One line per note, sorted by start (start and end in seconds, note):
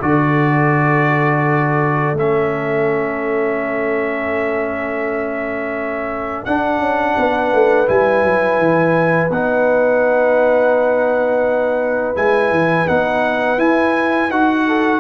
0.00 2.14 D3
0.00 2.16 F#4
0.00 7.14 A4
0.00 2.16 D5
2.14 6.42 A3
2.14 6.47 C#4
2.14 6.45 E5
6.45 6.78 D4
6.45 7.87 D4
6.45 7.88 F#5
6.78 7.14 C#4
7.17 7.53 B3
7.17 14.67 B4
7.53 7.89 A3
7.87 8.23 G3
7.87 9.30 E4
7.87 9.31 G#5
8.23 8.58 F#3
8.58 9.30 E3
9.30 12.16 B3
9.30 12.15 D#4
9.30 12.16 F#5
12.15 12.50 G#3
12.15 12.86 E4
12.15 12.88 G#5
12.50 12.86 E3
12.88 13.58 B3
12.88 13.58 D#4
12.88 13.60 F#5
13.58 14.29 E4
13.58 14.31 G#5
14.29 15.00 D#4
14.29 15.00 F#4
14.29 15.00 F#5
14.67 15.00 A4